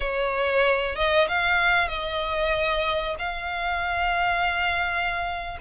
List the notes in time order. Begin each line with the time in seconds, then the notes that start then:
0.00 C#5
0.95 D#5
1.28 F5
1.88 D#5
3.18 F5